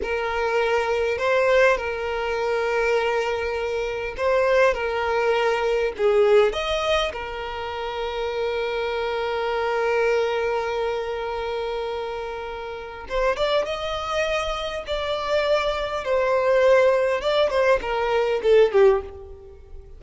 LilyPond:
\new Staff \with { instrumentName = "violin" } { \time 4/4 \tempo 4 = 101 ais'2 c''4 ais'4~ | ais'2. c''4 | ais'2 gis'4 dis''4 | ais'1~ |
ais'1~ | ais'2 c''8 d''8 dis''4~ | dis''4 d''2 c''4~ | c''4 d''8 c''8 ais'4 a'8 g'8 | }